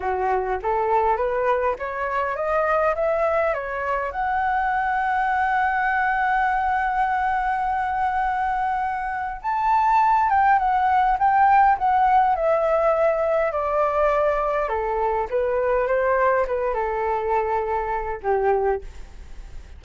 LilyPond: \new Staff \with { instrumentName = "flute" } { \time 4/4 \tempo 4 = 102 fis'4 a'4 b'4 cis''4 | dis''4 e''4 cis''4 fis''4~ | fis''1~ | fis''1 |
a''4. g''8 fis''4 g''4 | fis''4 e''2 d''4~ | d''4 a'4 b'4 c''4 | b'8 a'2~ a'8 g'4 | }